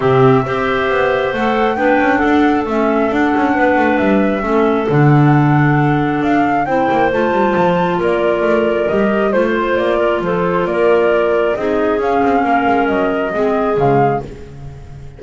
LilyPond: <<
  \new Staff \with { instrumentName = "flute" } { \time 4/4 \tempo 4 = 135 e''2. fis''4 | g''4 fis''4 e''4 fis''4~ | fis''4 e''2 fis''4~ | fis''2 f''4 g''4 |
a''2 d''2 | dis''4 c''4 d''4 c''4 | d''2 dis''4 f''4~ | f''4 dis''2 f''4 | }
  \new Staff \with { instrumentName = "clarinet" } { \time 4/4 g'4 c''2. | b'4 a'2. | b'2 a'2~ | a'2. c''4~ |
c''2 ais'2~ | ais'4 c''4. ais'8 a'4 | ais'2 gis'2 | ais'2 gis'2 | }
  \new Staff \with { instrumentName = "clarinet" } { \time 4/4 c'4 g'2 a'4 | d'2 cis'4 d'4~ | d'2 cis'4 d'4~ | d'2. e'4 |
f'1 | g'4 f'2.~ | f'2 dis'4 cis'4~ | cis'2 c'4 gis4 | }
  \new Staff \with { instrumentName = "double bass" } { \time 4/4 c4 c'4 b4 a4 | b8 cis'8 d'4 a4 d'8 cis'8 | b8 a8 g4 a4 d4~ | d2 d'4 c'8 ais8 |
a8 g8 f4 ais4 a4 | g4 a4 ais4 f4 | ais2 c'4 cis'8 c'8 | ais8 gis8 fis4 gis4 cis4 | }
>>